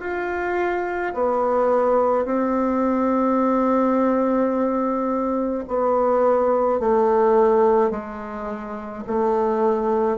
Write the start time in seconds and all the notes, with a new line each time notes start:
0.00 F4
1.14 B3
2.25 C4
5.68 B3
6.80 A3
7.90 G#3
9.07 A3